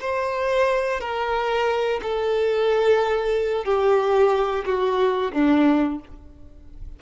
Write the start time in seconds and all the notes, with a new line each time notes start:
0.00 C5
1.00 A#4
2.02 A4
3.65 G4
4.65 F#4
5.33 D4